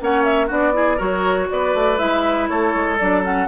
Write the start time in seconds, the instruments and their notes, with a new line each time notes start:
0.00 bassoon A#3, clarinet C#4, oboe C#5, flute F#5
0.24 flute E5
0.47 bassoon B3, clarinet D4, oboe F#4, flute D5
0.73 clarinet E4, oboe G#4
0.97 bassoon F#3, clarinet F#4, oboe A#4, flute C#5
1.51 bassoon B3, oboe B4, flute D5
1.74 bassoon A3
1.97 bassoon G#3, clarinet E4, flute E5
2.48 bassoon A3, oboe A4, flute C#5
2.74 bassoon G#3
2.98 bassoon F#3, clarinet D4, flute D5
3.23 clarinet C#4, flute F#5